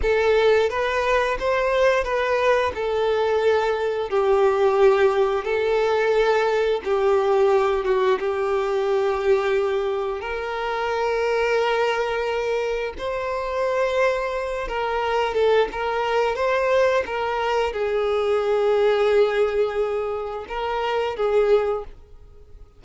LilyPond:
\new Staff \with { instrumentName = "violin" } { \time 4/4 \tempo 4 = 88 a'4 b'4 c''4 b'4 | a'2 g'2 | a'2 g'4. fis'8 | g'2. ais'4~ |
ais'2. c''4~ | c''4. ais'4 a'8 ais'4 | c''4 ais'4 gis'2~ | gis'2 ais'4 gis'4 | }